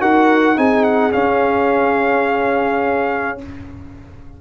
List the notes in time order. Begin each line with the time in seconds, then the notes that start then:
0.00 D#4 F#4 A#4 F#5
0.56 C4 D#4 G#4 G#5
0.83 F#5
1.12 C#4 F5